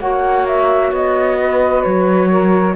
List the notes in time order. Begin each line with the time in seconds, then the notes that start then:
0.00 A#3 F#4 C#5 F#5
0.47 E5
0.92 B3 D#5
1.40 B4
1.83 F#3 C#5
2.29 A#4